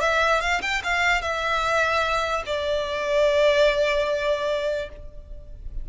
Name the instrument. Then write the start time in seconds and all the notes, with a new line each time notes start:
violin
0.00 E5
0.41 F5
0.62 G5
0.83 F5
1.21 E5
2.45 D5